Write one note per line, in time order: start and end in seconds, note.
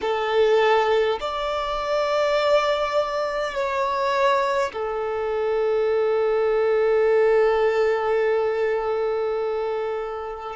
0.01 1.18 A4
1.20 3.54 D5
3.54 4.72 C#5
4.72 10.55 A4